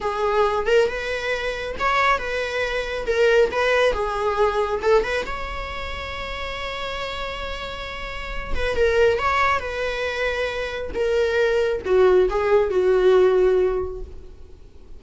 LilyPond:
\new Staff \with { instrumentName = "viola" } { \time 4/4 \tempo 4 = 137 gis'4. ais'8 b'2 | cis''4 b'2 ais'4 | b'4 gis'2 a'8 b'8 | cis''1~ |
cis''2.~ cis''8 b'8 | ais'4 cis''4 b'2~ | b'4 ais'2 fis'4 | gis'4 fis'2. | }